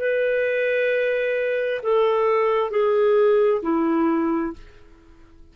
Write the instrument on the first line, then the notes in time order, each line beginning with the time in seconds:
clarinet
0.00 B4
1.83 A4
2.71 G#4
3.62 E4